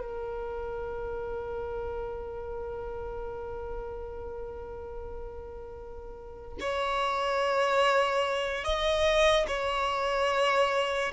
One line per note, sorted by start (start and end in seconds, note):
0.00 6.58 A#4
6.60 8.64 C#5
8.64 9.46 D#5
9.47 11.12 C#5